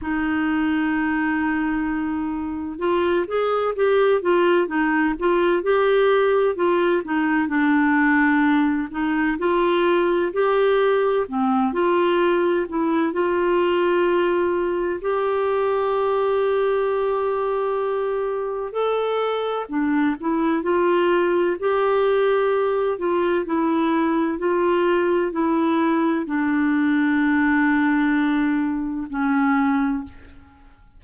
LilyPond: \new Staff \with { instrumentName = "clarinet" } { \time 4/4 \tempo 4 = 64 dis'2. f'8 gis'8 | g'8 f'8 dis'8 f'8 g'4 f'8 dis'8 | d'4. dis'8 f'4 g'4 | c'8 f'4 e'8 f'2 |
g'1 | a'4 d'8 e'8 f'4 g'4~ | g'8 f'8 e'4 f'4 e'4 | d'2. cis'4 | }